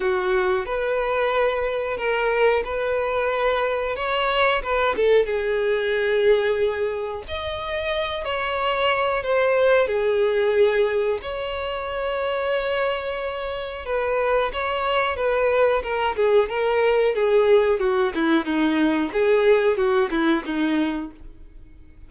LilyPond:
\new Staff \with { instrumentName = "violin" } { \time 4/4 \tempo 4 = 91 fis'4 b'2 ais'4 | b'2 cis''4 b'8 a'8 | gis'2. dis''4~ | dis''8 cis''4. c''4 gis'4~ |
gis'4 cis''2.~ | cis''4 b'4 cis''4 b'4 | ais'8 gis'8 ais'4 gis'4 fis'8 e'8 | dis'4 gis'4 fis'8 e'8 dis'4 | }